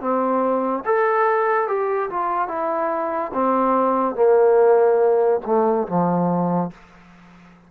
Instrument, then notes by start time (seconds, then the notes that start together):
trombone
0.00 C4
0.85 A4
1.67 G4
2.10 F4
2.48 E4
3.33 C4
4.15 A#3
5.45 A3
5.87 F3